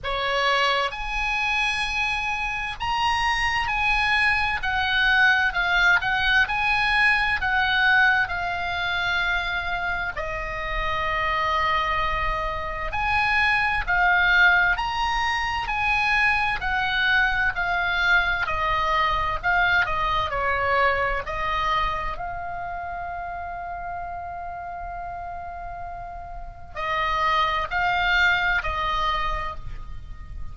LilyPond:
\new Staff \with { instrumentName = "oboe" } { \time 4/4 \tempo 4 = 65 cis''4 gis''2 ais''4 | gis''4 fis''4 f''8 fis''8 gis''4 | fis''4 f''2 dis''4~ | dis''2 gis''4 f''4 |
ais''4 gis''4 fis''4 f''4 | dis''4 f''8 dis''8 cis''4 dis''4 | f''1~ | f''4 dis''4 f''4 dis''4 | }